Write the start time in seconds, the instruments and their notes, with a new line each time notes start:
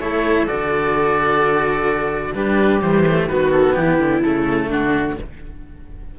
0.00 cello A3 E4, viola A4, oboe C#5
0.47 cello D3 F#4, oboe D5
2.34 cello G3 D4, viola G4, oboe B4
2.81 cello E3 G3, oboe C5
3.07 cello A3
3.26 cello D#3 B3, viola F#4, oboe B4
3.52 oboe A4
3.74 cello E3, viola E4, oboe G4
3.99 cello D3
4.23 cello C#3 A3, oboe A4
4.68 cello D3, viola D4, oboe F#4